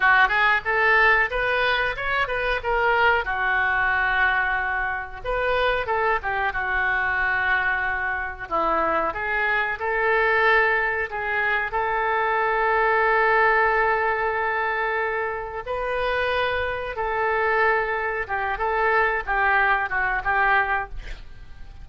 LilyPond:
\new Staff \with { instrumentName = "oboe" } { \time 4/4 \tempo 4 = 92 fis'8 gis'8 a'4 b'4 cis''8 b'8 | ais'4 fis'2. | b'4 a'8 g'8 fis'2~ | fis'4 e'4 gis'4 a'4~ |
a'4 gis'4 a'2~ | a'1 | b'2 a'2 | g'8 a'4 g'4 fis'8 g'4 | }